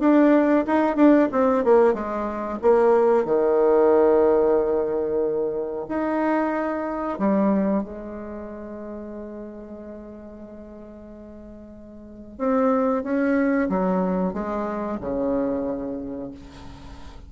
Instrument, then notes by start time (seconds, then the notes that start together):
bassoon
0.00 D4
0.67 D#4
0.97 D4
1.33 C4
1.65 A#3
1.94 G#3
2.62 A#3
3.25 D#3
5.89 D#4
7.19 G3
7.84 G#3
12.39 C4
13.04 C#4
13.70 F#3
14.34 G#3
15.01 C#3